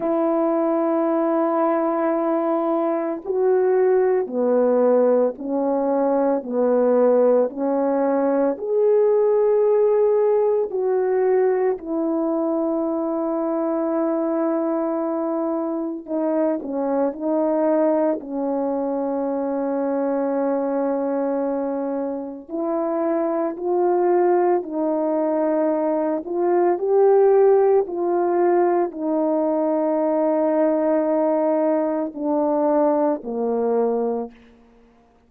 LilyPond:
\new Staff \with { instrumentName = "horn" } { \time 4/4 \tempo 4 = 56 e'2. fis'4 | b4 cis'4 b4 cis'4 | gis'2 fis'4 e'4~ | e'2. dis'8 cis'8 |
dis'4 cis'2.~ | cis'4 e'4 f'4 dis'4~ | dis'8 f'8 g'4 f'4 dis'4~ | dis'2 d'4 ais4 | }